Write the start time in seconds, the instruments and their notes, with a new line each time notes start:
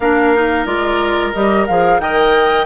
0.00 bassoon A#3, clarinet D4, oboe A#4, flute F5
0.35 clarinet D#4
0.65 bassoon G#3, clarinet F4, flute D5
1.32 bassoon G3, clarinet G4, flute D#5
1.66 bassoon F3, clarinet G#4, flute F5
1.99 bassoon D#3, clarinet A#4, oboe D#5, flute G5